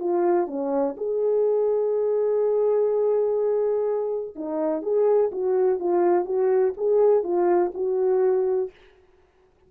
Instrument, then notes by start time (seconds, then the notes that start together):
horn
0.00 F4
0.48 C#4
0.98 G#4
4.35 D#4
4.83 G#4
5.32 F#4
5.80 F4
6.26 F#4
6.77 G#4
7.24 F4
7.74 F#4